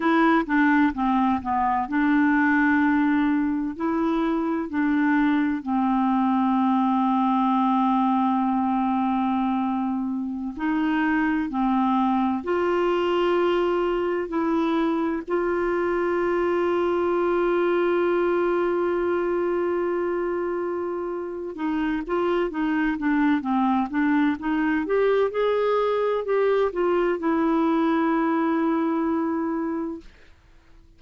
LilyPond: \new Staff \with { instrumentName = "clarinet" } { \time 4/4 \tempo 4 = 64 e'8 d'8 c'8 b8 d'2 | e'4 d'4 c'2~ | c'2.~ c'16 dis'8.~ | dis'16 c'4 f'2 e'8.~ |
e'16 f'2.~ f'8.~ | f'2. dis'8 f'8 | dis'8 d'8 c'8 d'8 dis'8 g'8 gis'4 | g'8 f'8 e'2. | }